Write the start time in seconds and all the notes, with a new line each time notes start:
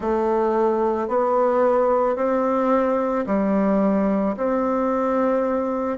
0.00 A3
1.08 B3
2.16 C4
3.26 G3
4.36 C4